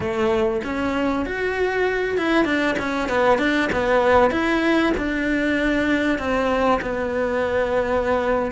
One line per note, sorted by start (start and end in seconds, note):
0.00 0.61 A3
0.64 1.25 C#4
1.25 2.17 F#4
2.17 2.44 E4
2.44 2.75 D4
2.78 3.08 C#4
3.08 3.38 B3
3.38 3.69 D4
3.72 4.30 B3
4.30 4.92 E4
4.97 6.18 D4
6.18 6.80 C4
6.81 8.51 B3